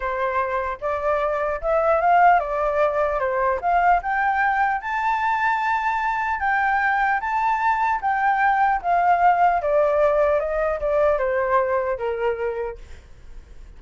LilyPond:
\new Staff \with { instrumentName = "flute" } { \time 4/4 \tempo 4 = 150 c''2 d''2 | e''4 f''4 d''2 | c''4 f''4 g''2 | a''1 |
g''2 a''2 | g''2 f''2 | d''2 dis''4 d''4 | c''2 ais'2 | }